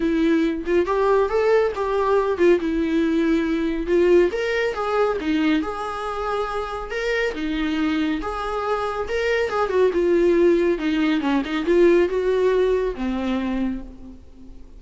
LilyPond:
\new Staff \with { instrumentName = "viola" } { \time 4/4 \tempo 4 = 139 e'4. f'8 g'4 a'4 | g'4. f'8 e'2~ | e'4 f'4 ais'4 gis'4 | dis'4 gis'2. |
ais'4 dis'2 gis'4~ | gis'4 ais'4 gis'8 fis'8 f'4~ | f'4 dis'4 cis'8 dis'8 f'4 | fis'2 c'2 | }